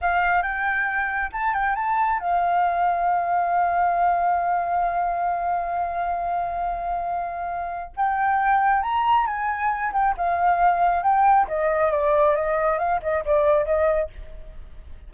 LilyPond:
\new Staff \with { instrumentName = "flute" } { \time 4/4 \tempo 4 = 136 f''4 g''2 a''8 g''8 | a''4 f''2.~ | f''1~ | f''1~ |
f''2 g''2 | ais''4 gis''4. g''8 f''4~ | f''4 g''4 dis''4 d''4 | dis''4 f''8 dis''8 d''4 dis''4 | }